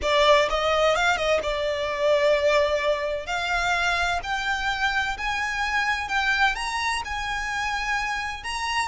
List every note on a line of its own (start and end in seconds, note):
0.02 0.49 D5
0.49 0.95 D#5
0.95 1.16 F5
1.16 1.40 D#5
1.43 3.26 D5
3.26 4.20 F5
4.23 5.17 G5
5.17 6.08 G#5
6.08 6.55 G5
6.55 7.02 A#5
7.04 8.43 G#5
8.43 8.88 A#5